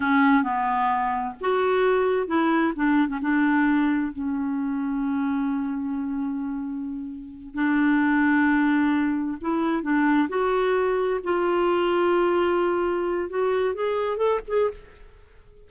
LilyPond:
\new Staff \with { instrumentName = "clarinet" } { \time 4/4 \tempo 4 = 131 cis'4 b2 fis'4~ | fis'4 e'4 d'8. cis'16 d'4~ | d'4 cis'2.~ | cis'1~ |
cis'8 d'2.~ d'8~ | d'8 e'4 d'4 fis'4.~ | fis'8 f'2.~ f'8~ | f'4 fis'4 gis'4 a'8 gis'8 | }